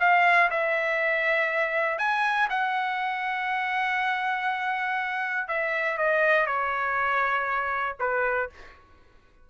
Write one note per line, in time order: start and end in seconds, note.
0.00 0.50 F5
0.50 1.98 E5
1.98 2.48 G#5
2.50 5.48 F#5
5.48 5.97 E5
5.97 6.46 D#5
6.46 7.96 C#5
8.00 8.50 B4